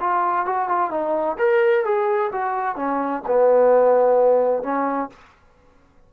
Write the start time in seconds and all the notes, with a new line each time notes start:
0.00 F4
0.45 F#4
0.68 F4
0.90 D#4
1.38 A#4
1.84 G#4
2.32 F#4
2.76 C#4
3.27 B3
4.63 C#4